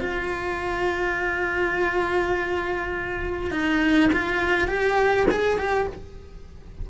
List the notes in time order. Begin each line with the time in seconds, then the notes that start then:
0.00 F4
3.51 D#4
4.13 F4
4.68 G4
5.31 G#4
5.58 G4